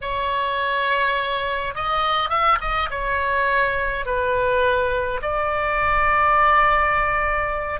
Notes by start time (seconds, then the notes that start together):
0.01 C#5
1.75 D#5
2.29 E5
2.60 D#5
2.90 C#5
4.05 B4
5.22 D5